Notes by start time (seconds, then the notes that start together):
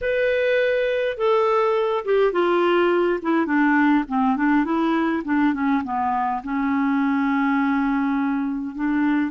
0.01 B4
1.17 A4
2.04 G4
2.32 F4
3.21 E4
3.46 D4
4.08 C4
4.36 D4
4.64 E4
5.24 D4
5.53 C#4
5.84 B3
6.43 C#4
8.75 D4